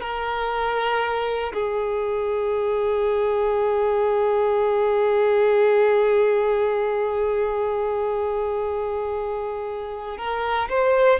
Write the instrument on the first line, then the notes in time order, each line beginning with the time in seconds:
violin
0.00 A#4
1.53 G#4
10.17 A#4
10.69 C5